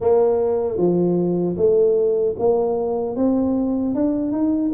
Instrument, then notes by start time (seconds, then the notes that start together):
tuba
0.00 A#3
0.77 F3
1.56 A3
2.38 A#3
3.16 C4
3.94 D4
4.32 D#4